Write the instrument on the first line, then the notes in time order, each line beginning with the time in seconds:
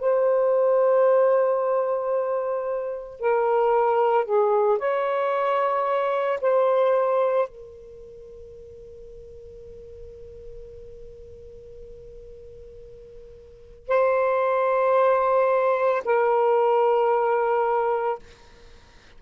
saxophone
0.00 C5
3.20 A#4
4.25 G#4
4.79 C#5
6.41 C5
7.49 A#4
13.88 C5
16.05 A#4